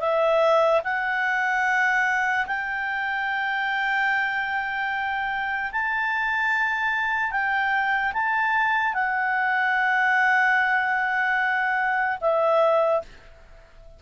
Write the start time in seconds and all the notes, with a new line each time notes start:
0.00 E5
0.84 F#5
2.47 G5
5.72 A5
7.31 G5
8.13 A5
8.94 F#5
12.21 E5